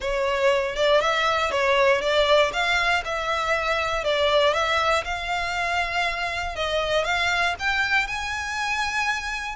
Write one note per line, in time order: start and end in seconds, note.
0.00 0.75 C#5
0.75 1.00 D5
1.01 1.51 E5
1.51 2.01 C#5
2.01 2.51 D5
2.52 3.03 F5
3.04 4.04 E5
4.04 4.53 D5
4.53 5.04 E5
5.04 6.55 F5
6.55 7.04 D#5
7.04 7.54 F5
7.59 8.07 G5
8.07 9.55 G#5